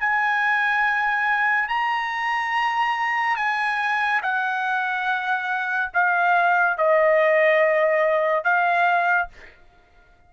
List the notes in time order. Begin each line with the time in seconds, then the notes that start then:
0.00 G#5
1.69 A#5
3.36 G#5
4.23 F#5
5.93 F5
6.78 D#5
8.44 F5